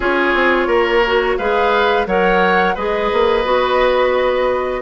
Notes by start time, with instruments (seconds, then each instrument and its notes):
0.00 bassoon C#4, clarinet F4, oboe G#4, flute C#5
0.33 bassoon C4
0.67 bassoon A#3, oboe A#4
1.05 clarinet F#4
1.37 bassoon G#3, clarinet G#4, oboe B4, flute F5
2.06 bassoon F#3, clarinet A#4, oboe C#5, flute F#5
2.74 bassoon G#3, clarinet G#4, oboe B4, flute D#5
3.12 bassoon A#3
3.44 bassoon B3, clarinet F#4